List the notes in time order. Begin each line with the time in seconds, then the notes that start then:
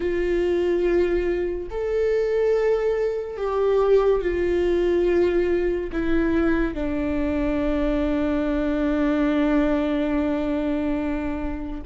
0.00 F4
1.70 A4
3.37 G4
4.21 F4
5.92 E4
6.74 D4